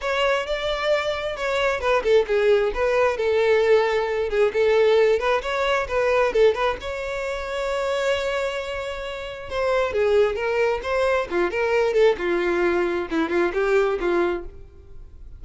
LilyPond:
\new Staff \with { instrumentName = "violin" } { \time 4/4 \tempo 4 = 133 cis''4 d''2 cis''4 | b'8 a'8 gis'4 b'4 a'4~ | a'4. gis'8 a'4. b'8 | cis''4 b'4 a'8 b'8 cis''4~ |
cis''1~ | cis''4 c''4 gis'4 ais'4 | c''4 f'8 ais'4 a'8 f'4~ | f'4 e'8 f'8 g'4 f'4 | }